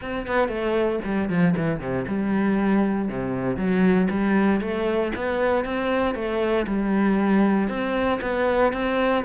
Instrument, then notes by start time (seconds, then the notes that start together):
cello
0.01 C4
0.26 B3
0.48 A3
1.04 G3
1.29 F3
1.56 E3
1.79 C3
2.07 G3
3.08 C3
3.56 F#3
4.10 G3
4.60 A3
5.15 B3
5.64 C4
6.14 A3
6.66 G3
7.68 C4
8.21 B3
8.72 C4